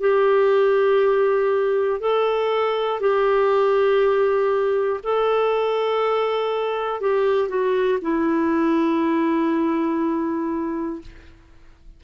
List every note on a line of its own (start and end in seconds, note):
0.00 2.00 G4
2.00 3.00 A4
3.00 5.00 G4
5.04 7.00 A4
7.00 7.49 G4
7.49 7.99 F#4
8.01 11.01 E4